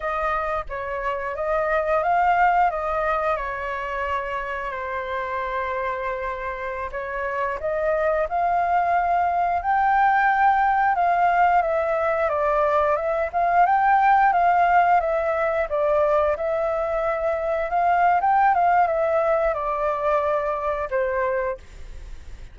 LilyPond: \new Staff \with { instrumentName = "flute" } { \time 4/4 \tempo 4 = 89 dis''4 cis''4 dis''4 f''4 | dis''4 cis''2 c''4~ | c''2~ c''16 cis''4 dis''8.~ | dis''16 f''2 g''4.~ g''16~ |
g''16 f''4 e''4 d''4 e''8 f''16~ | f''16 g''4 f''4 e''4 d''8.~ | d''16 e''2 f''8. g''8 f''8 | e''4 d''2 c''4 | }